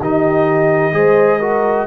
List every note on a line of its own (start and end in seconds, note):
0.00 0.93 D#3
0.00 0.92 D#4
0.00 0.94 G4
0.00 1.87 D#5
0.92 1.87 G#3
0.92 1.39 G#4
0.92 1.39 C5
1.39 1.87 F#4
1.39 1.86 A#4